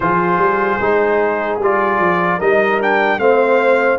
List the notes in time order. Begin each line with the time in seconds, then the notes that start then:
0.00 F3 F4 G#4 C5
0.37 G3
0.80 G#3 D#4
1.59 G3 F4 D5
1.99 F3
2.38 G3 D#4 A#4 D#5
2.80 D4 G5
3.18 A3 C4 C5 F5